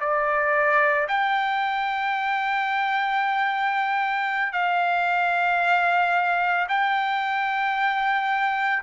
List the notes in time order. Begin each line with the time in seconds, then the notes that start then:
0.00 D5
1.08 G5
4.52 F5
6.68 G5